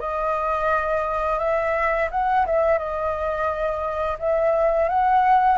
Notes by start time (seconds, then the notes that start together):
0.00 D#5
1.39 E5
2.11 F#5
2.46 E5
2.78 D#5
4.19 E5
4.89 F#5